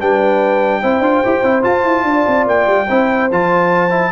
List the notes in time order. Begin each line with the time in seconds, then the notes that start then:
0.00 G3 D4 B4 G5
0.81 C4 E4 C5
1.00 D4 F4
1.24 E4 G4
1.43 C4 E4
1.62 F4 A5
1.83 E4
2.03 D4 D5
2.27 C4
2.46 A#3 G5
2.67 G3
2.88 C4 E4 C5
3.31 F3 F4 A5
3.90 E4